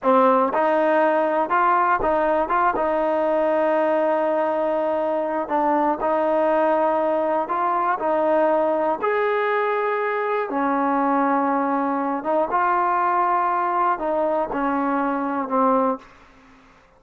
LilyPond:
\new Staff \with { instrumentName = "trombone" } { \time 4/4 \tempo 4 = 120 c'4 dis'2 f'4 | dis'4 f'8 dis'2~ dis'8~ | dis'2. d'4 | dis'2. f'4 |
dis'2 gis'2~ | gis'4 cis'2.~ | cis'8 dis'8 f'2. | dis'4 cis'2 c'4 | }